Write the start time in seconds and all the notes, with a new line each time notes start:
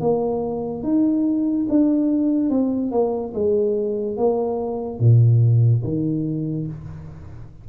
0.00 A#3
0.83 D#4
1.69 D4
2.50 C4
2.91 A#3
3.34 G#3
4.17 A#3
4.99 A#2
5.84 D#3